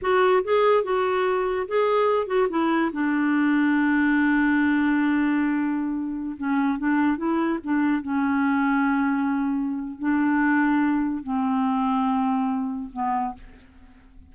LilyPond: \new Staff \with { instrumentName = "clarinet" } { \time 4/4 \tempo 4 = 144 fis'4 gis'4 fis'2 | gis'4. fis'8 e'4 d'4~ | d'1~ | d'2.~ d'16 cis'8.~ |
cis'16 d'4 e'4 d'4 cis'8.~ | cis'1 | d'2. c'4~ | c'2. b4 | }